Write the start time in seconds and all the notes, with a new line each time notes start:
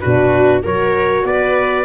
0.00 B2 D4 F#4 B4
0.63 F#3 F#4 A#4 C#5
1.24 B3 B4 D5